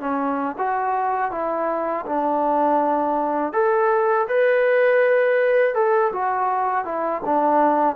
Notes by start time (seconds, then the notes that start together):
0.00 C#4
0.58 F#4
1.31 E4
2.06 D4
3.53 A4
4.28 B4
5.74 A4
6.12 F#4
6.85 E4
7.25 D4